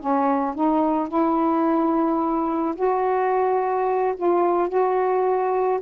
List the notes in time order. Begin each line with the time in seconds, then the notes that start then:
0.00 C#4
0.55 D#4
1.08 E4
2.76 F#4
4.17 F4
4.69 F#4